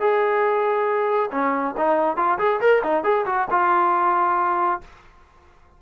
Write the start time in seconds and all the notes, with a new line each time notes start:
0.00 G#4
1.32 C#4
1.78 D#4
2.17 F4
2.39 G#4
2.61 A#4
2.84 D#4
3.04 G#4
3.26 F#4
3.51 F4